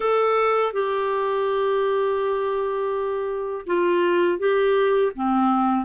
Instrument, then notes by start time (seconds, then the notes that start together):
clarinet
0.00 A4
0.73 G4
3.66 F4
4.38 G4
5.15 C4